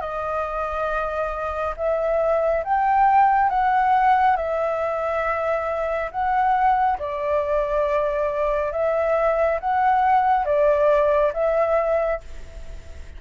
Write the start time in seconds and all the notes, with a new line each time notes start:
0.00 D#5
1.76 E5
2.64 G5
3.49 F#5
4.36 E5
6.11 F#5
6.98 D5
8.72 E5
9.60 F#5
10.45 D5
11.33 E5